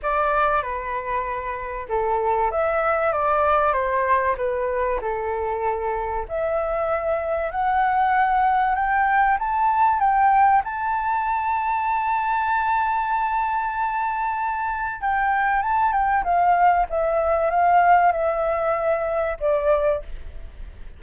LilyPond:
\new Staff \with { instrumentName = "flute" } { \time 4/4 \tempo 4 = 96 d''4 b'2 a'4 | e''4 d''4 c''4 b'4 | a'2 e''2 | fis''2 g''4 a''4 |
g''4 a''2.~ | a''1 | g''4 a''8 g''8 f''4 e''4 | f''4 e''2 d''4 | }